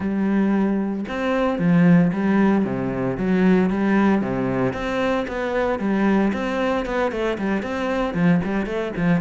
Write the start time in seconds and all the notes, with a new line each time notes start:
0.00 G3
1.08 C4
1.58 F3
2.12 G3
2.64 C3
3.17 F#3
3.70 G3
4.21 C3
4.73 C4
5.27 B3
5.79 G3
6.33 C4
6.85 B3
7.11 A3
7.38 G3
7.62 C4
8.14 F3
8.44 G3
8.66 A3
8.96 F3